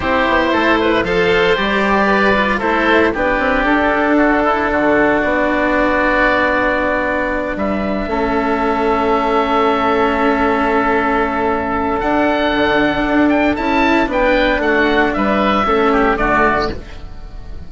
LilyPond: <<
  \new Staff \with { instrumentName = "oboe" } { \time 4/4 \tempo 4 = 115 c''2 f''4 d''4~ | d''4 c''4 b'4 a'4~ | a'2 d''2~ | d''2~ d''8 e''4.~ |
e''1~ | e''2. fis''4~ | fis''4. g''8 a''4 g''4 | fis''4 e''2 d''4 | }
  \new Staff \with { instrumentName = "oboe" } { \time 4/4 g'4 a'8 b'8 c''2 | b'4 a'4 g'2 | fis'8 e'8 fis'2.~ | fis'2~ fis'8 b'4 a'8~ |
a'1~ | a'1~ | a'2. b'4 | fis'4 b'4 a'8 g'8 fis'4 | }
  \new Staff \with { instrumentName = "cello" } { \time 4/4 e'2 a'4 g'4~ | g'8 f'8 e'4 d'2~ | d'1~ | d'2.~ d'8 cis'8~ |
cis'1~ | cis'2. d'4~ | d'2 e'4 d'4~ | d'2 cis'4 a4 | }
  \new Staff \with { instrumentName = "bassoon" } { \time 4/4 c'8 b8 a4 f4 g4~ | g4 a4 b8 c'8 d'4~ | d'4 d4 b2~ | b2~ b8 g4 a8~ |
a1~ | a2. d'4 | d4 d'4 cis'4 b4 | a4 g4 a4 d4 | }
>>